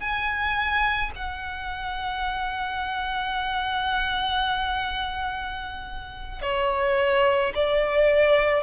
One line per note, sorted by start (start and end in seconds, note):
0.00 1.11 G#5
1.16 6.42 F#5
6.42 7.53 C#5
7.55 8.63 D5